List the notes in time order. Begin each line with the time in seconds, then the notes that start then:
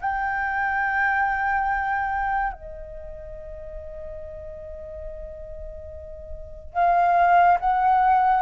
0.00 G5
2.52 D#5
6.73 F5
7.60 F#5